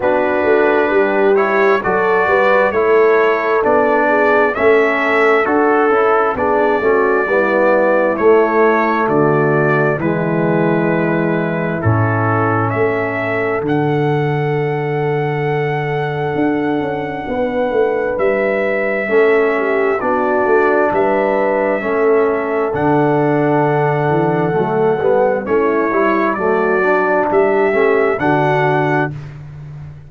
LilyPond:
<<
  \new Staff \with { instrumentName = "trumpet" } { \time 4/4 \tempo 4 = 66 b'4. cis''8 d''4 cis''4 | d''4 e''4 a'4 d''4~ | d''4 cis''4 d''4 b'4~ | b'4 a'4 e''4 fis''4~ |
fis''1 | e''2 d''4 e''4~ | e''4 fis''2. | cis''4 d''4 e''4 fis''4 | }
  \new Staff \with { instrumentName = "horn" } { \time 4/4 fis'4 g'4 a'8 b'8 a'4~ | a'8 gis'8 a'2 gis'8 fis'8 | e'2 fis'4 e'4~ | e'2 a'2~ |
a'2. b'4~ | b'4 a'8 g'8 fis'4 b'4 | a'1 | e'4 fis'4 g'4 fis'4 | }
  \new Staff \with { instrumentName = "trombone" } { \time 4/4 d'4. e'8 fis'4 e'4 | d'4 cis'4 fis'8 e'8 d'8 cis'8 | b4 a2 gis4~ | gis4 cis'2 d'4~ |
d'1~ | d'4 cis'4 d'2 | cis'4 d'2 a8 b8 | cis'8 e'8 a8 d'4 cis'8 d'4 | }
  \new Staff \with { instrumentName = "tuba" } { \time 4/4 b8 a8 g4 fis8 g8 a4 | b4 a4 d'8 cis'8 b8 a8 | g4 a4 d4 e4~ | e4 a,4 a4 d4~ |
d2 d'8 cis'8 b8 a8 | g4 a4 b8 a8 g4 | a4 d4. e8 fis8 g8 | a8 g8 fis4 g8 a8 d4 | }
>>